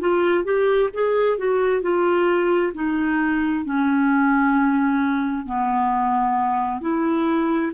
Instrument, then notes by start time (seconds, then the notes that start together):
clarinet
0.00 F4
0.44 G4
0.93 G#4
1.38 F#4
1.82 F4
2.74 D#4
3.65 C#4
5.46 B3
6.81 E4